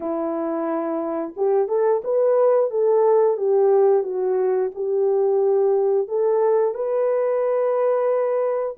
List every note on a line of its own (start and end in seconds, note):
0.00 1.33 E4
1.36 1.68 G4
1.68 2.01 A4
2.04 2.70 B4
2.70 3.37 A4
3.37 4.03 G4
4.03 4.70 F#4
4.74 6.08 G4
6.08 6.74 A4
6.74 8.76 B4